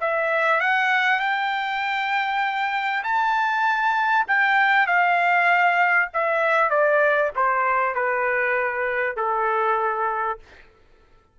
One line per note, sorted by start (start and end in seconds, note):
0.00 0.60 E5
0.60 1.19 F#5
1.19 3.03 G5
3.03 4.26 A5
4.27 4.87 G5
4.87 6.09 F5
6.13 6.70 E5
6.70 7.31 D5
7.35 7.95 C5
7.95 9.16 B4
9.16 10.39 A4